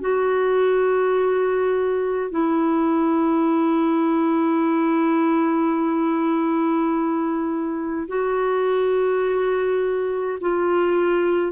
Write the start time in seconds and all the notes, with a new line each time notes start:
0.00 F#4
2.31 E4
8.08 F#4
10.41 F4